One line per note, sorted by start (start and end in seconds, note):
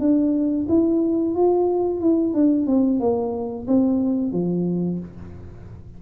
0.00 0.67 D4
0.69 1.35 E4
1.35 2.01 F4
2.01 2.34 E4
2.34 2.67 D4
2.67 3.00 C4
3.00 3.67 A#3
3.68 4.32 C4
4.32 4.99 F3